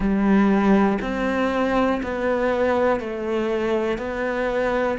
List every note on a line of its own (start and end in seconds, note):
0.00 0.98 G3
1.01 2.01 C4
2.02 3.00 B3
3.00 3.98 A3
3.98 4.97 B3